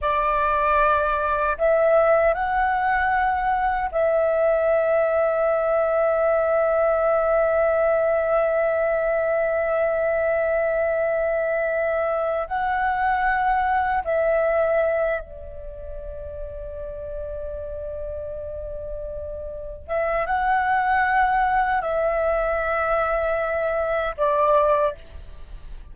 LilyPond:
\new Staff \with { instrumentName = "flute" } { \time 4/4 \tempo 4 = 77 d''2 e''4 fis''4~ | fis''4 e''2.~ | e''1~ | e''1 |
fis''2 e''4. d''8~ | d''1~ | d''4. e''8 fis''2 | e''2. d''4 | }